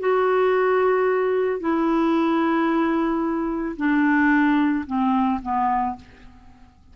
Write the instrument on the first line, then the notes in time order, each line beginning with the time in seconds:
clarinet
0.00 F#4
1.60 E4
3.77 D4
4.87 C4
5.43 B3